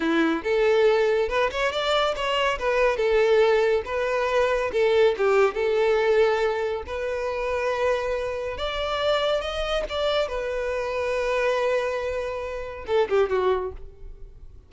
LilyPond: \new Staff \with { instrumentName = "violin" } { \time 4/4 \tempo 4 = 140 e'4 a'2 b'8 cis''8 | d''4 cis''4 b'4 a'4~ | a'4 b'2 a'4 | g'4 a'2. |
b'1 | d''2 dis''4 d''4 | b'1~ | b'2 a'8 g'8 fis'4 | }